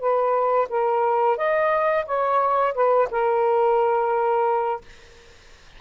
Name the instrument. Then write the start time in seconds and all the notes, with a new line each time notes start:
saxophone
0.00 B4
0.69 A#4
1.37 D#5
2.06 C#5
2.74 B4
3.11 A#4